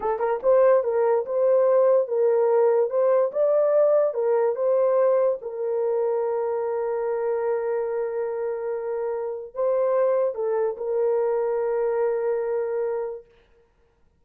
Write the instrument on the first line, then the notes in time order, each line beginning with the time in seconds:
horn
0.00 A4
0.19 A#4
0.43 C5
0.83 A#4
1.25 C5
2.07 A#4
2.90 C5
3.32 D5
4.14 A#4
4.55 C5
5.41 A#4
9.54 C5
10.34 A4
10.77 A#4